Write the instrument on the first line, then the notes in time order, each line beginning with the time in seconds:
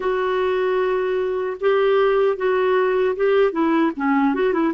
clarinet
0.00 F#4
1.60 G4
2.36 F#4
3.16 G4
3.52 E4
3.96 C#4
4.34 F#4
4.53 E4